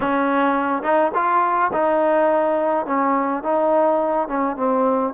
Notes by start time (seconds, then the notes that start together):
0.00 C#4
0.83 D#4
1.14 F4
1.72 D#4
2.86 C#4
3.43 D#4
4.28 C#4
4.56 C4